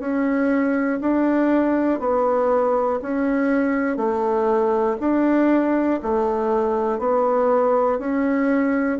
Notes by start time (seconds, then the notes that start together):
0.00 C#4
1.01 D4
2.00 B3
3.02 C#4
3.97 A3
5.00 D4
6.03 A3
7.00 B3
7.99 C#4